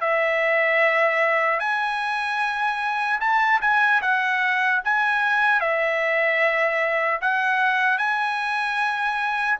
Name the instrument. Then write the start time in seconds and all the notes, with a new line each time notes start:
trumpet
0.00 E5
1.59 G#5
3.20 A5
3.61 G#5
4.01 F#5
4.84 G#5
5.60 E5
7.21 F#5
7.98 G#5